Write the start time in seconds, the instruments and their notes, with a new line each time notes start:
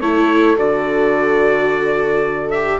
0.00 bassoon A3, viola E4, horn A4, trumpet C#5
0.56 bassoon D3, viola F#4, trumpet D5
2.50 viola G4, trumpet E5